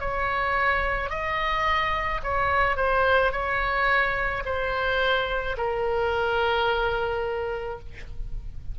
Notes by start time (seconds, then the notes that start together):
0.00 C#5
1.10 D#5
2.23 C#5
2.76 C5
3.32 C#5
4.45 C5
5.57 A#4